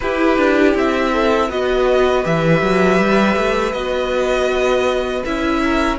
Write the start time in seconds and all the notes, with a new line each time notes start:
0.00 E4 G4 B4
0.37 D4
0.75 C4 E5
1.12 A4
1.48 B3 F#4 B4 D#5
2.23 E3 G4 E5
2.62 F#3
2.98 G3
3.36 A3
3.72 B3 F#4 D#5
5.25 C#4 E4 E5
5.64 A#4